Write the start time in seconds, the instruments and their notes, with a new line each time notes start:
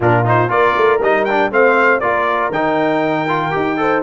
0.00 tuba A#2, trombone D4, horn F4, trumpet A#4
0.24 trombone D#4, trumpet C5
0.48 tuba A#3, trombone F4, horn A#4, trumpet D5
0.76 tuba A3
1.00 tuba G3, trombone D#4, trumpet D#5
1.24 trombone D4, trumpet G5
1.51 tuba A3, trombone C4, horn C5, trumpet F5
1.99 tuba A#3, trombone F4, horn A#4, trumpet D5
2.49 tuba D#3, trombone D#4, trumpet G5
3.28 trombone F4
3.51 tuba D#4, trombone G4
3.77 trombone A4, horn C5